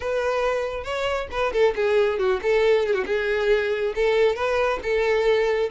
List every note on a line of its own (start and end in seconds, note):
0.00 0.84 B4
0.84 1.27 C#5
1.31 1.52 B4
1.52 1.74 A4
1.75 2.18 G#4
2.18 2.40 F#4
2.42 2.86 A4
2.86 2.93 G#4
2.93 3.04 F#4
3.06 3.93 G#4
3.95 4.35 A4
4.35 4.79 B4
4.82 5.70 A4